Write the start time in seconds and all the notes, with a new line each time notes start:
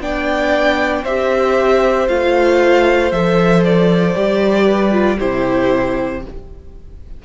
0.00 B3 D4 D5 G5
1.03 C4 G4 C5 E5
2.08 A3 F4 F5
3.12 F3 A4 E5
3.64 D5
4.15 G3 G4
4.65 B4
4.91 F4
5.19 C3 E4 G4 C5